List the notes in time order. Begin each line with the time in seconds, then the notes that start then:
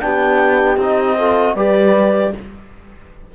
0.00 B3 D4 G4 G5
0.77 C4 D#4 D#5
1.18 F4 A4
1.55 G3 G4 B4 D5